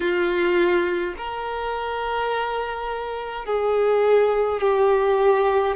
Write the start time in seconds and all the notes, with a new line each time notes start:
0.00 F4
1.17 A#4
3.45 G#4
4.60 G4